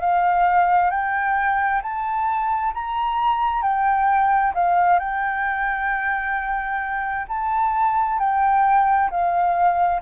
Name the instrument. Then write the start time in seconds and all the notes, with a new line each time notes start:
flute
0.00 F5
0.90 G5
1.82 A5
2.74 A#5
3.62 G5
4.55 F5
4.99 G5
7.28 A5
8.19 G5
9.10 F5